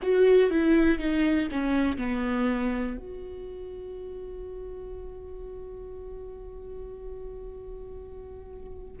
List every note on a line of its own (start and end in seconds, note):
0.02 0.50 F#4
0.50 0.99 E4
0.99 1.49 D#4
1.51 1.97 C#4
1.97 2.97 B3
2.97 8.97 F#4